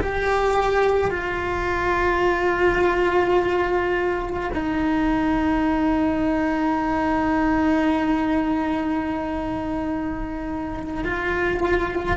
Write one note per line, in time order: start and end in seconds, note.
0.00 1.11 G4
1.11 4.50 F4
4.53 11.04 D#4
11.04 12.17 F4